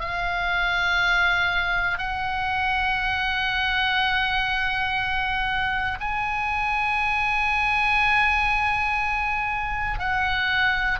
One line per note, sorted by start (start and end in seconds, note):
0.00 1.98 F5
1.98 5.98 F#5
6.00 9.99 G#5
9.99 10.99 F#5